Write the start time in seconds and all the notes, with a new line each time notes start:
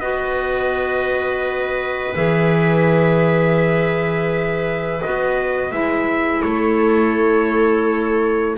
0.00 B3 F#4 B4 D#5
2.14 E3 G#4 E5
5.02 B3 F#4 D#5
5.71 G#3 E4 E5
6.41 A3 A4 C#5